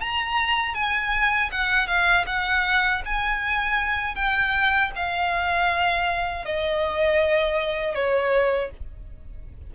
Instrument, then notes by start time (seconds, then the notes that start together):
violin
0.00 A#5
0.74 G#5
1.51 F#5
1.87 F5
2.26 F#5
3.05 G#5
4.15 G5
4.95 F5
6.45 D#5
7.94 C#5